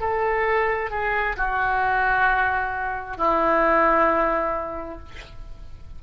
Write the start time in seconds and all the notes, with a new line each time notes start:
0.00 A4
0.90 G#4
1.37 F#4
3.17 E4